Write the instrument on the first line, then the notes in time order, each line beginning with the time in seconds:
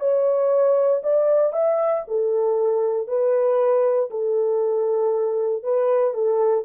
horn
0.00 C#5
1.03 D5
1.53 E5
2.08 A4
3.07 B4
4.10 A4
5.63 B4
6.14 A4